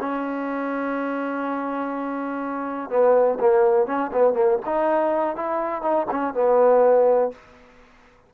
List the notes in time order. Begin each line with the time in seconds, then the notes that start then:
0.00 C#4
2.89 B3
3.40 A#3
3.86 C#4
4.12 B3
4.34 A#3
4.66 D#4
5.36 E4
5.82 D#4
6.11 C#4
6.34 B3